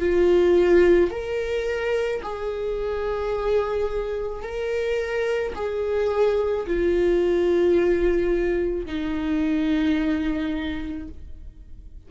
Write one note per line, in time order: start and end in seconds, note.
0.00 1.11 F4
1.11 2.22 A#4
2.23 4.42 G#4
4.42 5.54 A#4
5.56 6.67 G#4
6.67 8.86 F4
8.86 11.08 D#4